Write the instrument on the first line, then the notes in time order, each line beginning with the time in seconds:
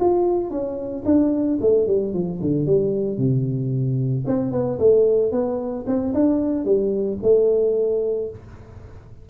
tuba
0.00 F4
0.50 C#4
1.05 D4
1.62 A3
1.87 G3
2.14 F3
2.41 D3
2.66 G3
3.18 C3
4.27 C4
4.52 B3
4.79 A3
5.32 B3
5.87 C4
6.14 D4
6.65 G3
7.22 A3